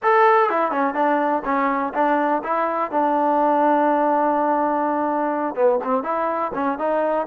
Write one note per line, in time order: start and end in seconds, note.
0.02 0.49 A4
0.49 0.71 E4
0.71 0.94 C#4
0.94 1.43 D4
1.45 1.93 C#4
1.94 2.42 D4
2.43 2.91 E4
2.91 5.55 D4
5.55 5.79 B3
5.84 6.03 C4
6.03 6.51 E4
6.54 6.78 C#4
6.78 7.26 D#4